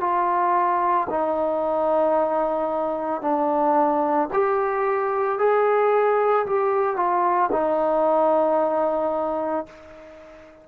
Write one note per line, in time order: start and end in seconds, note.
0.00 1.07 F4
1.10 3.21 D#4
3.21 4.29 D4
4.33 5.38 G4
5.38 6.45 G#4
6.46 6.96 G4
6.96 7.50 F4
7.51 9.66 D#4